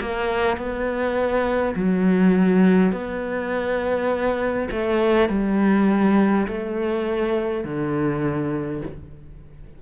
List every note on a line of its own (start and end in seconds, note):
0.00 0.57 A#3
0.57 1.74 B3
1.75 2.92 F#3
2.92 4.68 B3
4.71 5.29 A3
5.29 6.47 G3
6.47 7.64 A3
7.64 8.82 D3